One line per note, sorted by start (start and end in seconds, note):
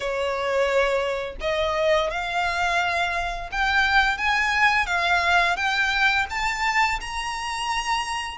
0.00 1.35 C#5
1.40 2.10 D#5
2.10 3.49 F5
3.51 4.17 G5
4.17 4.86 G#5
4.86 5.56 F5
5.56 6.26 G5
6.29 6.99 A5
7.00 8.37 A#5